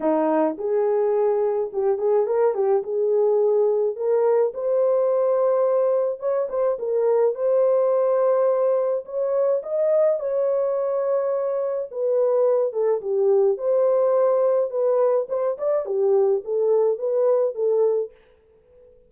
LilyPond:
\new Staff \with { instrumentName = "horn" } { \time 4/4 \tempo 4 = 106 dis'4 gis'2 g'8 gis'8 | ais'8 g'8 gis'2 ais'4 | c''2. cis''8 c''8 | ais'4 c''2. |
cis''4 dis''4 cis''2~ | cis''4 b'4. a'8 g'4 | c''2 b'4 c''8 d''8 | g'4 a'4 b'4 a'4 | }